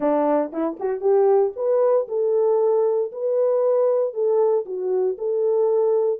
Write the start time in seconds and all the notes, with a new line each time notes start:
0.00 D4
0.52 E4
0.79 F#4
1.00 G4
1.55 B4
2.08 A4
3.12 B4
4.13 A4
4.65 F#4
5.18 A4